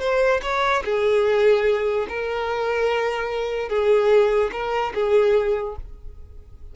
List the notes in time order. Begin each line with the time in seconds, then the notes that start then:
0.00 C5
0.42 C#5
0.84 G#4
2.09 A#4
3.69 G#4
4.52 A#4
4.94 G#4